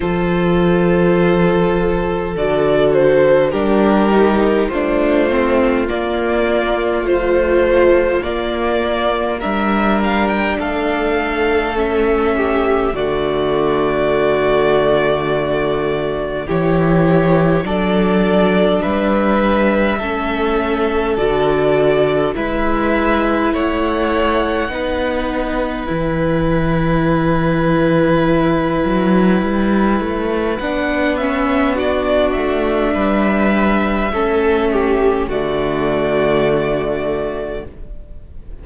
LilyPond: <<
  \new Staff \with { instrumentName = "violin" } { \time 4/4 \tempo 4 = 51 c''2 d''8 c''8 ais'4 | c''4 d''4 c''4 d''4 | e''8 f''16 g''16 f''4 e''4 d''4~ | d''2 cis''4 d''4 |
e''2 d''4 e''4 | fis''2 g''2~ | g''2 fis''8 e''8 d''8 e''8~ | e''2 d''2 | }
  \new Staff \with { instrumentName = "violin" } { \time 4/4 a'2. g'4 | f'1 | ais'4 a'4. g'8 fis'4~ | fis'2 g'4 a'4 |
b'4 a'2 b'4 | cis''4 b'2.~ | b'2. fis'4 | b'4 a'8 g'8 fis'2 | }
  \new Staff \with { instrumentName = "viola" } { \time 4/4 f'2 fis'4 d'8 dis'8 | d'8 c'8 ais4 f4 ais4 | d'2 cis'4 a4~ | a2 e'4 d'4~ |
d'4 cis'4 fis'4 e'4~ | e'4 dis'4 e'2~ | e'2 d'8 cis'8 d'4~ | d'4 cis'4 a2 | }
  \new Staff \with { instrumentName = "cello" } { \time 4/4 f2 d4 g4 | a4 ais4 a4 ais4 | g4 a2 d4~ | d2 e4 fis4 |
g4 a4 d4 gis4 | a4 b4 e2~ | e8 fis8 g8 a8 b4. a8 | g4 a4 d2 | }
>>